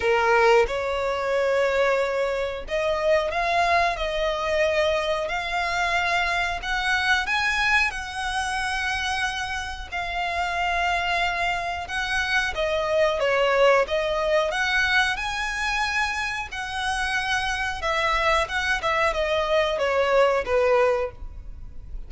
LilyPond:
\new Staff \with { instrumentName = "violin" } { \time 4/4 \tempo 4 = 91 ais'4 cis''2. | dis''4 f''4 dis''2 | f''2 fis''4 gis''4 | fis''2. f''4~ |
f''2 fis''4 dis''4 | cis''4 dis''4 fis''4 gis''4~ | gis''4 fis''2 e''4 | fis''8 e''8 dis''4 cis''4 b'4 | }